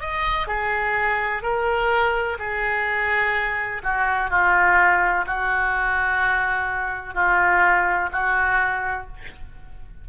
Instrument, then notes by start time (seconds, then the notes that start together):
oboe
0.00 D#5
0.47 G#4
1.42 A#4
2.39 G#4
3.83 F#4
4.29 F4
5.26 F#4
7.14 F4
8.12 F#4